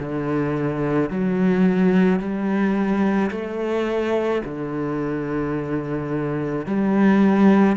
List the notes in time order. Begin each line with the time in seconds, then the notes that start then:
0.00 D3
1.11 F#3
2.20 G3
3.31 A3
4.45 D3
6.67 G3